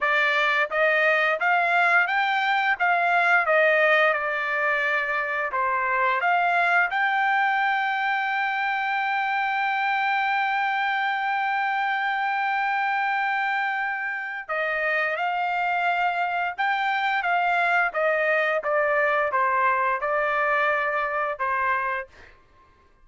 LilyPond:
\new Staff \with { instrumentName = "trumpet" } { \time 4/4 \tempo 4 = 87 d''4 dis''4 f''4 g''4 | f''4 dis''4 d''2 | c''4 f''4 g''2~ | g''1~ |
g''1~ | g''4 dis''4 f''2 | g''4 f''4 dis''4 d''4 | c''4 d''2 c''4 | }